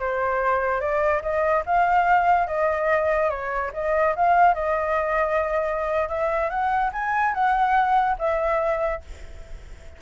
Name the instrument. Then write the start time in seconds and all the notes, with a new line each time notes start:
flute
0.00 C5
0.81 D5
1.23 D#5
1.66 F5
2.48 D#5
3.30 C#5
3.74 D#5
4.16 F5
4.55 D#5
6.09 E5
6.50 F#5
6.93 G#5
7.34 F#5
8.19 E5